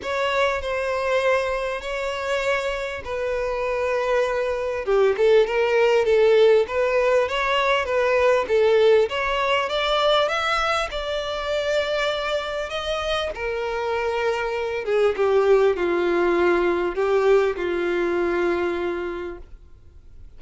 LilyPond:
\new Staff \with { instrumentName = "violin" } { \time 4/4 \tempo 4 = 99 cis''4 c''2 cis''4~ | cis''4 b'2. | g'8 a'8 ais'4 a'4 b'4 | cis''4 b'4 a'4 cis''4 |
d''4 e''4 d''2~ | d''4 dis''4 ais'2~ | ais'8 gis'8 g'4 f'2 | g'4 f'2. | }